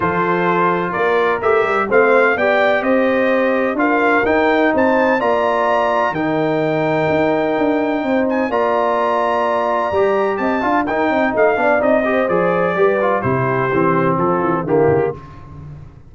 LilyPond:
<<
  \new Staff \with { instrumentName = "trumpet" } { \time 4/4 \tempo 4 = 127 c''2 d''4 e''4 | f''4 g''4 dis''2 | f''4 g''4 a''4 ais''4~ | ais''4 g''2.~ |
g''4. gis''8 ais''2~ | ais''2 a''4 g''4 | f''4 dis''4 d''2 | c''2 a'4 g'4 | }
  \new Staff \with { instrumentName = "horn" } { \time 4/4 a'2 ais'2 | c''4 d''4 c''2 | ais'2 c''4 d''4~ | d''4 ais'2.~ |
ais'4 c''4 d''2~ | d''2 dis''8 f''8 ais'8 dis''8~ | dis''8 d''4 c''4. b'4 | g'2 f'4 e'4 | }
  \new Staff \with { instrumentName = "trombone" } { \time 4/4 f'2. g'4 | c'4 g'2. | f'4 dis'2 f'4~ | f'4 dis'2.~ |
dis'2 f'2~ | f'4 g'4. f'8 dis'4~ | dis'8 d'8 dis'8 g'8 gis'4 g'8 f'8 | e'4 c'2 ais4 | }
  \new Staff \with { instrumentName = "tuba" } { \time 4/4 f2 ais4 a8 g8 | a4 b4 c'2 | d'4 dis'4 c'4 ais4~ | ais4 dis2 dis'4 |
d'4 c'4 ais2~ | ais4 g4 c'8 d'8 dis'8 c'8 | a8 b8 c'4 f4 g4 | c4 e4 f8 e8 d8 cis8 | }
>>